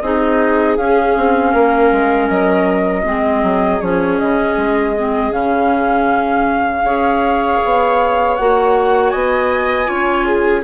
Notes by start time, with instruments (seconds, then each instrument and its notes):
0.00 bassoon C4, clarinet D#4, viola G#4, flute D#5
0.77 bassoon C#4, clarinet C#4, flute F5
1.17 bassoon C4
1.51 bassoon A#3, viola A#4
1.91 bassoon G#3
2.29 bassoon F#3, flute D#5
3.04 bassoon G#3, clarinet C4, viola G#4
3.42 bassoon F#3
3.80 bassoon F3, clarinet C#4, flute C#5
4.18 bassoon C#3, flute D#5
4.56 bassoon G#3
4.96 clarinet C4
5.31 bassoon C#3, clarinet C#4, flute F5
6.83 bassoon C#4, clarinet G#4, viola C#5
7.63 bassoon B3
8.35 bassoon A#3, clarinet F#4, flute F#5
9.09 bassoon B3, viola D#5, flute G#5
9.85 bassoon C#4, clarinet F4, viola C#5
10.24 viola G#4